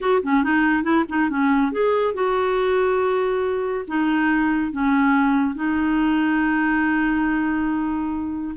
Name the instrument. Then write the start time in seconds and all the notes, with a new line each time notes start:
clarinet
0.00 F#4
0.23 C#4
0.43 D#4
0.83 E4
1.08 D#4
1.29 C#4
1.72 G#4
2.14 F#4
3.87 D#4
4.72 C#4
5.55 D#4